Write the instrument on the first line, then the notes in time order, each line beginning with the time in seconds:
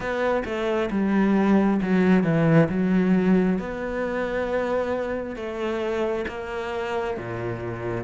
cello
0.00 B3
0.45 A3
0.90 G3
1.82 F#3
2.23 E3
2.69 F#3
3.58 B3
5.35 A3
6.27 A#3
7.17 A#2